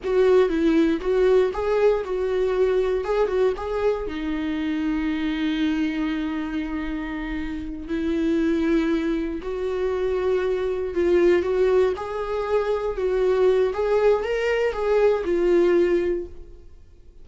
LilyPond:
\new Staff \with { instrumentName = "viola" } { \time 4/4 \tempo 4 = 118 fis'4 e'4 fis'4 gis'4 | fis'2 gis'8 fis'8 gis'4 | dis'1~ | dis'2.~ dis'8 e'8~ |
e'2~ e'8 fis'4.~ | fis'4. f'4 fis'4 gis'8~ | gis'4. fis'4. gis'4 | ais'4 gis'4 f'2 | }